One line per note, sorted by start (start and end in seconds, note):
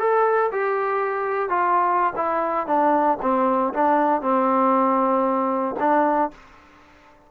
0.00 0.51 A4
0.52 1.50 G4
1.50 2.14 F4
2.17 2.67 E4
2.67 3.19 D4
3.22 3.74 C4
3.74 4.22 D4
4.22 5.76 C4
5.80 6.31 D4